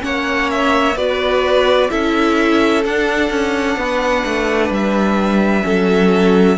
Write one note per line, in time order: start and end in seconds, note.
0.00 0.96 A#3
0.00 0.94 C#4
0.00 0.96 C#5
0.00 0.50 F#5
0.51 0.97 E5
0.96 1.90 B3
0.96 1.89 F#4
0.96 1.90 B4
0.96 1.90 D5
1.89 2.85 C#4
1.89 2.83 E4
1.89 3.78 A4
1.89 2.84 E5
2.85 3.30 D4
2.85 5.62 D4
2.85 4.72 F#5
3.30 3.77 C#4
3.77 4.24 B3
3.77 5.65 B4
4.26 4.70 A3
4.70 5.64 G3
4.70 6.58 E5
5.62 6.58 F#3
5.62 6.56 C#4
5.62 6.58 A4